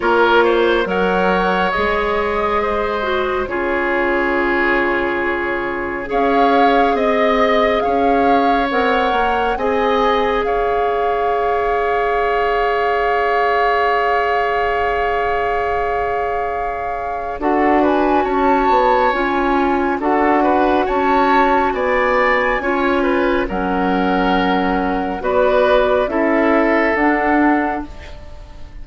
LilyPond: <<
  \new Staff \with { instrumentName = "flute" } { \time 4/4 \tempo 4 = 69 cis''4 fis''4 dis''2 | cis''2. f''4 | dis''4 f''4 fis''4 gis''4 | f''1~ |
f''1 | fis''8 gis''8 a''4 gis''4 fis''4 | a''4 gis''2 fis''4~ | fis''4 d''4 e''4 fis''4 | }
  \new Staff \with { instrumentName = "oboe" } { \time 4/4 ais'8 c''8 cis''2 c''4 | gis'2. cis''4 | dis''4 cis''2 dis''4 | cis''1~ |
cis''1 | a'8 b'8 cis''2 a'8 b'8 | cis''4 d''4 cis''8 b'8 ais'4~ | ais'4 b'4 a'2 | }
  \new Staff \with { instrumentName = "clarinet" } { \time 4/4 f'4 ais'4 gis'4. fis'8 | f'2. gis'4~ | gis'2 ais'4 gis'4~ | gis'1~ |
gis'1 | fis'2 f'4 fis'4~ | fis'2 f'4 cis'4~ | cis'4 fis'4 e'4 d'4 | }
  \new Staff \with { instrumentName = "bassoon" } { \time 4/4 ais4 fis4 gis2 | cis2. cis'4 | c'4 cis'4 c'8 ais8 c'4 | cis'1~ |
cis'1 | d'4 cis'8 b8 cis'4 d'4 | cis'4 b4 cis'4 fis4~ | fis4 b4 cis'4 d'4 | }
>>